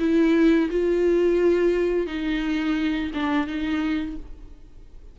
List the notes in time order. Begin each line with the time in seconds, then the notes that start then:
0.00 E4
0.70 F4
2.07 D#4
3.14 D4
3.47 D#4